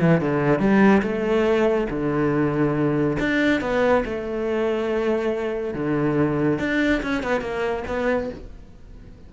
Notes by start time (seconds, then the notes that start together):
0.00 E3
0.21 D3
0.59 G3
1.02 A3
1.90 D3
3.20 D4
3.61 B3
4.05 A3
5.74 D3
6.59 D4
7.03 C#4
7.23 B3
7.41 A#3
7.87 B3